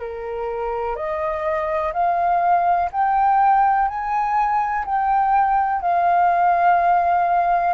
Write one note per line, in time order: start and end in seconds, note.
0.00 0.96 A#4
0.96 1.93 D#5
1.93 2.90 F5
2.92 3.88 G5
3.88 4.85 G#5
4.86 5.82 G5
5.82 7.74 F5